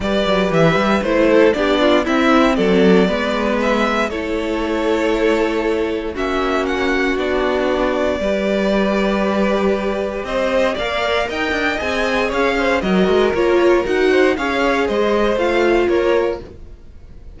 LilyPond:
<<
  \new Staff \with { instrumentName = "violin" } { \time 4/4 \tempo 4 = 117 d''4 e''4 c''4 d''4 | e''4 d''2 e''4 | cis''1 | e''4 fis''4 d''2~ |
d''1 | dis''4 f''4 g''4 gis''4 | f''4 dis''4 cis''4 fis''4 | f''4 dis''4 f''4 cis''4 | }
  \new Staff \with { instrumentName = "violin" } { \time 4/4 b'2~ b'8 a'8 g'8 f'8 | e'4 a'4 b'2 | a'1 | fis'1 |
b'1 | c''4 d''4 dis''2 | cis''8 c''8 ais'2~ ais'8 c''8 | cis''4 c''2 ais'4 | }
  \new Staff \with { instrumentName = "viola" } { \time 4/4 g'2 e'4 d'4 | c'2 b2 | e'1 | cis'2 d'2 |
g'1~ | g'4 ais'2 gis'4~ | gis'4 fis'4 f'4 fis'4 | gis'2 f'2 | }
  \new Staff \with { instrumentName = "cello" } { \time 4/4 g8 fis8 e8 g8 a4 b4 | c'4 fis4 gis2 | a1 | ais2 b2 |
g1 | c'4 ais4 dis'8 d'8 c'4 | cis'4 fis8 gis8 ais4 dis'4 | cis'4 gis4 a4 ais4 | }
>>